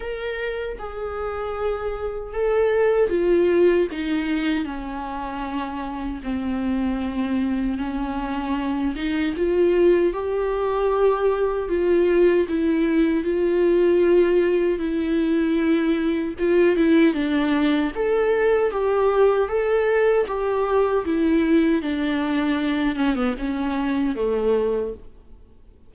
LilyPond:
\new Staff \with { instrumentName = "viola" } { \time 4/4 \tempo 4 = 77 ais'4 gis'2 a'4 | f'4 dis'4 cis'2 | c'2 cis'4. dis'8 | f'4 g'2 f'4 |
e'4 f'2 e'4~ | e'4 f'8 e'8 d'4 a'4 | g'4 a'4 g'4 e'4 | d'4. cis'16 b16 cis'4 a4 | }